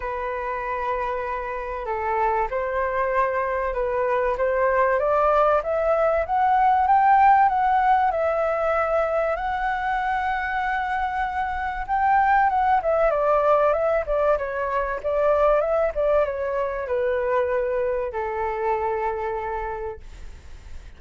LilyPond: \new Staff \with { instrumentName = "flute" } { \time 4/4 \tempo 4 = 96 b'2. a'4 | c''2 b'4 c''4 | d''4 e''4 fis''4 g''4 | fis''4 e''2 fis''4~ |
fis''2. g''4 | fis''8 e''8 d''4 e''8 d''8 cis''4 | d''4 e''8 d''8 cis''4 b'4~ | b'4 a'2. | }